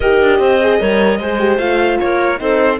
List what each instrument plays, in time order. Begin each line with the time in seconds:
0.00 cello D#4, horn G4, clarinet A#4, violin D#5
0.22 cello D4
0.39 cello C4, clarinet C5
0.61 horn G#4
0.79 cello G3, horn A#4, clarinet C#5
1.19 cello G#3, horn G#4, clarinet C5
1.39 horn G4
1.57 cello A3, horn F4, violin F5
1.99 cello A#3, clarinet A#4, violin C#5
2.37 cello C4, horn D#4, clarinet A4, violin C5